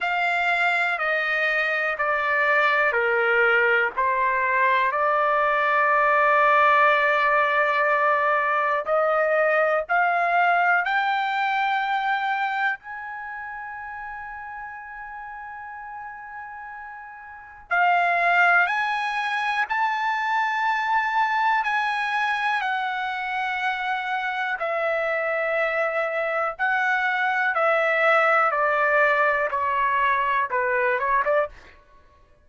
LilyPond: \new Staff \with { instrumentName = "trumpet" } { \time 4/4 \tempo 4 = 61 f''4 dis''4 d''4 ais'4 | c''4 d''2.~ | d''4 dis''4 f''4 g''4~ | g''4 gis''2.~ |
gis''2 f''4 gis''4 | a''2 gis''4 fis''4~ | fis''4 e''2 fis''4 | e''4 d''4 cis''4 b'8 cis''16 d''16 | }